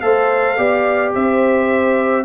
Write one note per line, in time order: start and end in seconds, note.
0.00 0.58 A3
0.00 0.57 A4
0.00 0.57 C5
0.00 1.12 F5
0.57 1.14 B3
0.57 2.25 G4
0.57 1.14 D5
1.14 2.25 C4
1.14 2.25 C5
1.14 2.25 E5